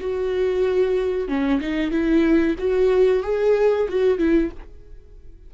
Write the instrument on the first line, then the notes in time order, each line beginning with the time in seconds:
viola
0.00 F#4
1.28 C#4
1.60 D#4
1.91 E4
2.59 F#4
3.23 G#4
3.89 F#4
4.18 E4